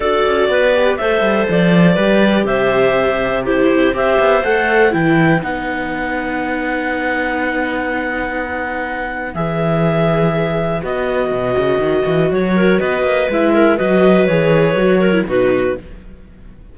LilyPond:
<<
  \new Staff \with { instrumentName = "clarinet" } { \time 4/4 \tempo 4 = 122 d''2 e''4 d''4~ | d''4 e''2 c''4 | e''4 fis''4 g''4 fis''4~ | fis''1~ |
fis''2. e''4~ | e''2 dis''2~ | dis''4 cis''4 dis''4 e''4 | dis''4 cis''2 b'4 | }
  \new Staff \with { instrumentName = "clarinet" } { \time 4/4 a'4 b'4 c''2 | b'4 c''2 g'4 | c''2 b'2~ | b'1~ |
b'1~ | b'1~ | b'4. ais'8 b'4. ais'8 | b'2~ b'8 ais'8 fis'4 | }
  \new Staff \with { instrumentName = "viola" } { \time 4/4 fis'4. g'8 a'2 | g'2. e'4 | g'4 a'4 e'4 dis'4~ | dis'1~ |
dis'2. gis'4~ | gis'2 fis'2~ | fis'2. e'4 | fis'4 gis'4 fis'8. e'16 dis'4 | }
  \new Staff \with { instrumentName = "cello" } { \time 4/4 d'8 cis'8 b4 a8 g8 f4 | g4 c2. | c'8 b8 a4 e4 b4~ | b1~ |
b2. e4~ | e2 b4 b,8 cis8 | dis8 e8 fis4 b8 ais8 gis4 | fis4 e4 fis4 b,4 | }
>>